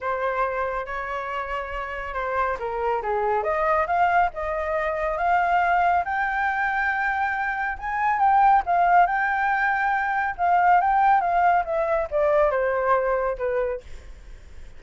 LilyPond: \new Staff \with { instrumentName = "flute" } { \time 4/4 \tempo 4 = 139 c''2 cis''2~ | cis''4 c''4 ais'4 gis'4 | dis''4 f''4 dis''2 | f''2 g''2~ |
g''2 gis''4 g''4 | f''4 g''2. | f''4 g''4 f''4 e''4 | d''4 c''2 b'4 | }